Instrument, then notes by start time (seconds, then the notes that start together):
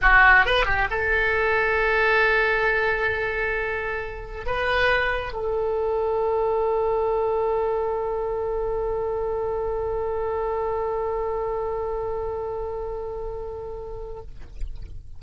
oboe
0.01 F#4
0.45 B4
0.65 G4
0.90 A4
4.46 B4
5.32 A4